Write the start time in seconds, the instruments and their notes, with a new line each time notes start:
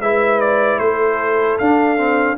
0.00 tuba G#3, trombone E4, horn B4, trumpet E5
0.40 trumpet D5
0.79 tuba A3, horn A4, trumpet C5
1.59 tuba D4, trombone D4, trumpet F5
1.98 trombone C4